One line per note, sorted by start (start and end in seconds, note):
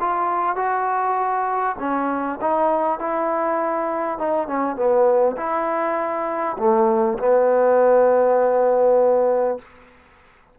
0.00 0.56 F4
0.56 1.76 F#4
1.79 2.39 C#4
2.41 2.99 D#4
2.99 4.18 E4
4.18 4.48 D#4
4.48 4.76 C#4
4.76 5.36 B3
5.37 6.57 E4
6.58 7.18 A3
7.18 9.58 B3